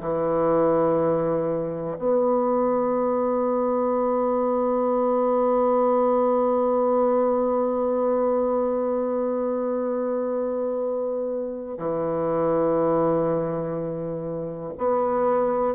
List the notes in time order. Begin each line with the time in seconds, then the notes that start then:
0.00 E3
1.98 B3
11.78 E3
14.78 B3